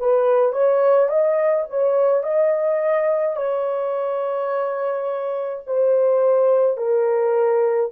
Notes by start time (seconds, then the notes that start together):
0.00 B4
0.53 C#5
1.09 D#5
1.70 C#5
2.24 D#5
3.37 C#5
5.67 C5
6.78 A#4